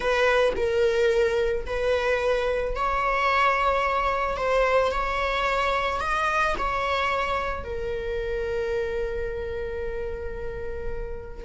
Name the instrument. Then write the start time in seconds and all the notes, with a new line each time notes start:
viola
0.00 B4
0.56 A#4
1.66 B4
2.75 C#5
4.36 C5
4.91 C#5
6.00 D#5
6.58 C#5
7.64 A#4